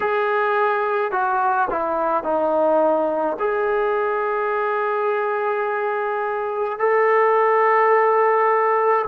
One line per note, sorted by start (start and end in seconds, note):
0.00 1.11 G#4
1.11 1.68 F#4
1.70 2.23 E4
2.23 3.37 D#4
3.39 6.78 G#4
6.78 9.05 A4